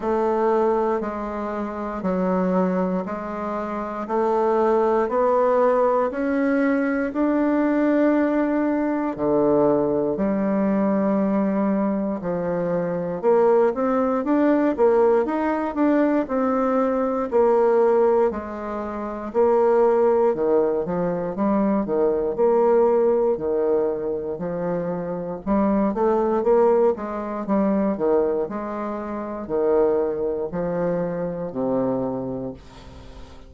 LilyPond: \new Staff \with { instrumentName = "bassoon" } { \time 4/4 \tempo 4 = 59 a4 gis4 fis4 gis4 | a4 b4 cis'4 d'4~ | d'4 d4 g2 | f4 ais8 c'8 d'8 ais8 dis'8 d'8 |
c'4 ais4 gis4 ais4 | dis8 f8 g8 dis8 ais4 dis4 | f4 g8 a8 ais8 gis8 g8 dis8 | gis4 dis4 f4 c4 | }